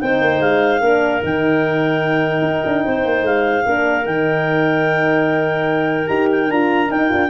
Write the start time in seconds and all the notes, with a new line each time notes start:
0.00 C4 D#4 C5 G5
0.22 A#3
0.40 G#3 F5
0.81 A#3 D4 A#4
1.22 D#3 D#4 G5
2.42 D#4
2.66 D4
2.85 C4 C5
3.06 A#3
3.23 G#3 F5
3.66 A#3 D4 A#4
4.05 D#3 D#4 G5
6.07 D#4 G4 A#5
6.32 G5
6.50 D4 F4 A#5
6.89 D#4 G5
7.09 D4 F4